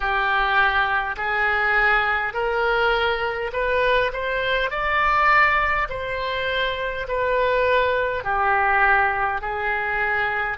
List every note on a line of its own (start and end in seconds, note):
0.00 1.16 G4
1.17 2.33 G#4
2.33 3.51 A#4
3.52 4.11 B4
4.12 4.70 C5
4.70 5.88 D5
5.89 7.06 C5
7.07 8.24 B4
8.24 9.41 G4
9.41 10.57 G#4